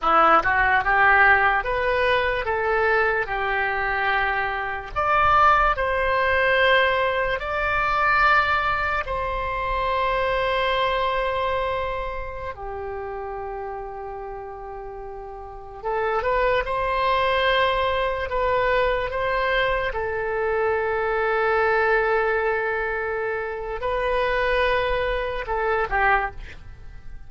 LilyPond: \new Staff \with { instrumentName = "oboe" } { \time 4/4 \tempo 4 = 73 e'8 fis'8 g'4 b'4 a'4 | g'2 d''4 c''4~ | c''4 d''2 c''4~ | c''2.~ c''16 g'8.~ |
g'2.~ g'16 a'8 b'16~ | b'16 c''2 b'4 c''8.~ | c''16 a'2.~ a'8.~ | a'4 b'2 a'8 g'8 | }